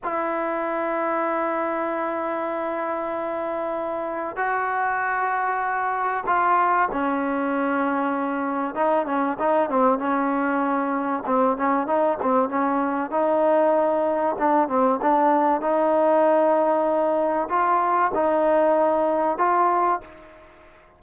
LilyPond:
\new Staff \with { instrumentName = "trombone" } { \time 4/4 \tempo 4 = 96 e'1~ | e'2. fis'4~ | fis'2 f'4 cis'4~ | cis'2 dis'8 cis'8 dis'8 c'8 |
cis'2 c'8 cis'8 dis'8 c'8 | cis'4 dis'2 d'8 c'8 | d'4 dis'2. | f'4 dis'2 f'4 | }